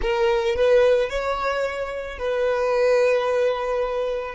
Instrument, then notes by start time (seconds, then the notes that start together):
violin
0.01 A#4
0.55 B4
1.09 C#5
2.18 B4